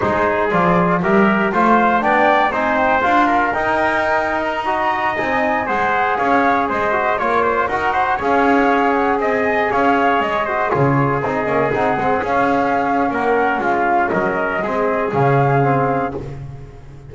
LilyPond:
<<
  \new Staff \with { instrumentName = "flute" } { \time 4/4 \tempo 4 = 119 c''4 d''4 e''4 f''4 | g''4 gis''8 g''8 f''4 g''4~ | g''8. ais''4. gis''4 fis''8.~ | fis''16 f''4 dis''4 cis''4 fis''8.~ |
fis''16 f''4. fis''8 gis''4 f''8.~ | f''16 dis''4 cis''4 dis''4 fis''8.~ | fis''16 f''4.~ f''16 fis''4 f''4 | dis''2 f''2 | }
  \new Staff \with { instrumentName = "trumpet" } { \time 4/4 gis'2 ais'4 c''4 | d''4 c''4. ais'4.~ | ais'4~ ais'16 dis''2 c''8.~ | c''16 cis''4 c''4 cis''8 c''8 ais'8 c''16~ |
c''16 cis''2 dis''4 cis''8.~ | cis''8. c''8 gis'2~ gis'8.~ | gis'2 ais'4 f'4 | ais'4 gis'2. | }
  \new Staff \with { instrumentName = "trombone" } { \time 4/4 dis'4 f'4 g'4 f'4 | d'4 dis'4 f'4 dis'4~ | dis'4~ dis'16 fis'4 dis'4 gis'8.~ | gis'4.~ gis'16 fis'8 f'4 fis'8.~ |
fis'16 gis'2.~ gis'8.~ | gis'8. fis'8 f'4 dis'8 cis'8 dis'8 c'16~ | c'16 cis'2.~ cis'8.~ | cis'4 c'4 cis'4 c'4 | }
  \new Staff \with { instrumentName = "double bass" } { \time 4/4 gis4 f4 g4 a4 | b4 c'4 d'4 dis'4~ | dis'2~ dis'16 c'4 gis8.~ | gis16 cis'4 gis4 ais4 dis'8.~ |
dis'16 cis'2 c'4 cis'8.~ | cis'16 gis4 cis4 c'8 ais8 c'8 gis16~ | gis16 cis'4.~ cis'16 ais4 gis4 | fis4 gis4 cis2 | }
>>